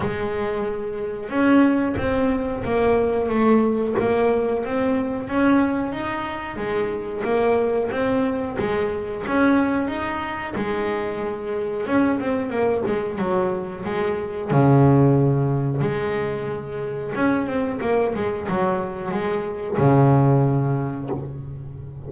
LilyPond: \new Staff \with { instrumentName = "double bass" } { \time 4/4 \tempo 4 = 91 gis2 cis'4 c'4 | ais4 a4 ais4 c'4 | cis'4 dis'4 gis4 ais4 | c'4 gis4 cis'4 dis'4 |
gis2 cis'8 c'8 ais8 gis8 | fis4 gis4 cis2 | gis2 cis'8 c'8 ais8 gis8 | fis4 gis4 cis2 | }